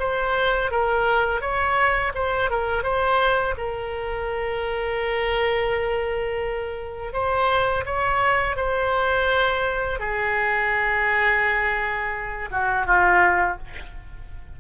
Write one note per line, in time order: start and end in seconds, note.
0.00 0.71 C5
0.71 1.41 A#4
1.41 2.13 C#5
2.15 2.50 C5
2.51 2.83 A#4
2.83 3.55 C5
3.58 7.13 A#4
7.13 7.85 C5
7.86 8.57 C#5
8.57 10.00 C5
10.00 12.50 G#4
12.51 12.87 F#4
12.87 13.58 F4